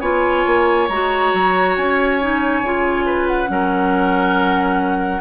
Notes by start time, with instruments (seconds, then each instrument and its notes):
0.00 bassoon B3, clarinet F4, oboe C#5, flute G#5
0.46 bassoon A#3
0.88 bassoon G#3, clarinet F#4, flute A#5
1.33 bassoon F#3
1.76 bassoon C#4, flute G#5
2.20 clarinet D#4
2.62 bassoon C#3, clarinet F4
3.06 oboe B4
3.27 flute F#5
3.47 bassoon F#3, clarinet C#4, oboe A#4